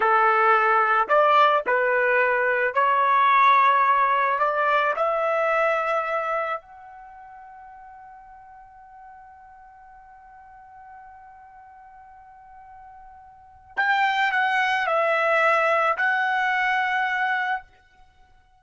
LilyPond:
\new Staff \with { instrumentName = "trumpet" } { \time 4/4 \tempo 4 = 109 a'2 d''4 b'4~ | b'4 cis''2. | d''4 e''2. | fis''1~ |
fis''1~ | fis''1~ | fis''4 g''4 fis''4 e''4~ | e''4 fis''2. | }